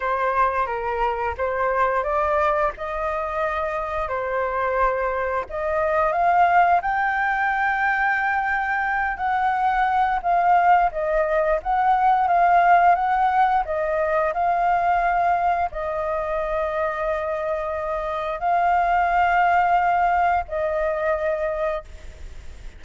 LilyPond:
\new Staff \with { instrumentName = "flute" } { \time 4/4 \tempo 4 = 88 c''4 ais'4 c''4 d''4 | dis''2 c''2 | dis''4 f''4 g''2~ | g''4. fis''4. f''4 |
dis''4 fis''4 f''4 fis''4 | dis''4 f''2 dis''4~ | dis''2. f''4~ | f''2 dis''2 | }